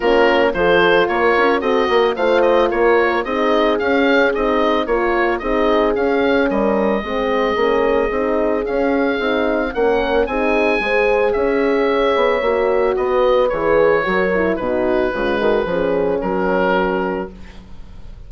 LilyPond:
<<
  \new Staff \with { instrumentName = "oboe" } { \time 4/4 \tempo 4 = 111 ais'4 c''4 cis''4 dis''4 | f''8 dis''8 cis''4 dis''4 f''4 | dis''4 cis''4 dis''4 f''4 | dis''1 |
f''2 fis''4 gis''4~ | gis''4 e''2. | dis''4 cis''2 b'4~ | b'2 ais'2 | }
  \new Staff \with { instrumentName = "horn" } { \time 4/4 f'4 a'4 ais'4 a'8 ais'8 | c''4 ais'4 gis'2~ | gis'4 ais'4 gis'2 | ais'4 gis'2.~ |
gis'2 ais'4 gis'4 | c''4 cis''2. | b'2 ais'4 fis'4 | f'8 fis'8 gis'4 fis'2 | }
  \new Staff \with { instrumentName = "horn" } { \time 4/4 cis'4 f'2 fis'4 | f'2 dis'4 cis'4 | dis'4 f'4 dis'4 cis'4~ | cis'4 c'4 cis'4 dis'4 |
cis'4 dis'4 cis'4 dis'4 | gis'2. fis'4~ | fis'4 gis'4 fis'8 e'8 dis'4 | gis4 cis'2. | }
  \new Staff \with { instrumentName = "bassoon" } { \time 4/4 ais4 f4 ais8 cis'8 c'8 ais8 | a4 ais4 c'4 cis'4 | c'4 ais4 c'4 cis'4 | g4 gis4 ais4 c'4 |
cis'4 c'4 ais4 c'4 | gis4 cis'4. b8 ais4 | b4 e4 fis4 b,4 | cis8 dis8 f4 fis2 | }
>>